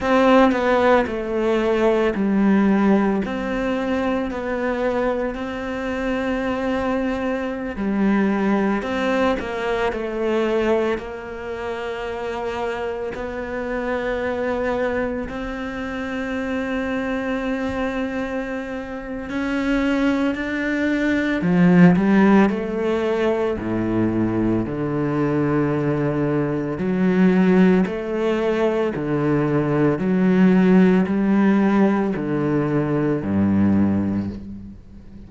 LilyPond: \new Staff \with { instrumentName = "cello" } { \time 4/4 \tempo 4 = 56 c'8 b8 a4 g4 c'4 | b4 c'2~ c'16 g8.~ | g16 c'8 ais8 a4 ais4.~ ais16~ | ais16 b2 c'4.~ c'16~ |
c'2 cis'4 d'4 | f8 g8 a4 a,4 d4~ | d4 fis4 a4 d4 | fis4 g4 d4 g,4 | }